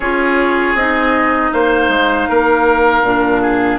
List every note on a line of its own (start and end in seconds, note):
0.00 0.74 C#4
0.00 0.77 F4
0.00 1.50 G#4
0.00 0.76 C#5
0.74 1.50 C4
0.74 3.05 D#4
0.74 1.52 D#5
1.52 1.88 A#3
1.52 2.28 C5
1.52 3.78 F5
1.88 2.26 G#3
2.28 3.02 A#3
2.28 3.41 A#4
3.02 3.78 A#2
3.02 3.78 D4
3.41 3.78 G#4